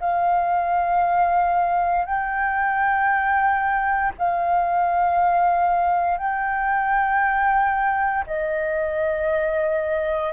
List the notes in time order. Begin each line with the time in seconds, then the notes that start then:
0.00 F5
2.05 G5
4.18 F5
6.18 G5
8.27 D#5